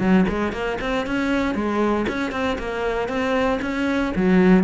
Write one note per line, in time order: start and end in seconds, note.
0.00 0.26 F#3
0.29 0.52 G#3
0.52 0.78 A#3
0.81 1.07 C4
1.07 1.55 C#4
1.55 2.06 G#3
2.09 2.32 C#4
2.32 2.58 C4
2.59 3.09 A#3
3.09 3.60 C4
3.62 4.13 C#4
4.16 4.64 F#3